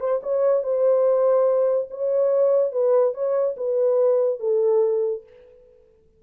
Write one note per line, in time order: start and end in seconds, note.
0.00 0.21 C5
0.23 0.63 C#5
0.63 1.88 C5
1.91 2.72 C#5
2.72 3.14 B4
3.14 3.55 C#5
3.57 4.40 B4
4.40 5.23 A4